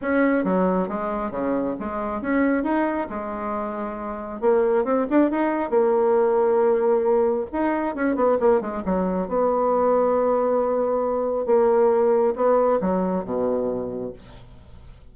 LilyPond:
\new Staff \with { instrumentName = "bassoon" } { \time 4/4 \tempo 4 = 136 cis'4 fis4 gis4 cis4 | gis4 cis'4 dis'4 gis4~ | gis2 ais4 c'8 d'8 | dis'4 ais2.~ |
ais4 dis'4 cis'8 b8 ais8 gis8 | fis4 b2.~ | b2 ais2 | b4 fis4 b,2 | }